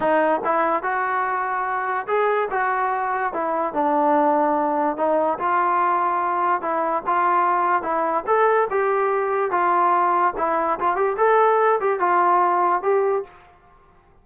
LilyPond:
\new Staff \with { instrumentName = "trombone" } { \time 4/4 \tempo 4 = 145 dis'4 e'4 fis'2~ | fis'4 gis'4 fis'2 | e'4 d'2. | dis'4 f'2. |
e'4 f'2 e'4 | a'4 g'2 f'4~ | f'4 e'4 f'8 g'8 a'4~ | a'8 g'8 f'2 g'4 | }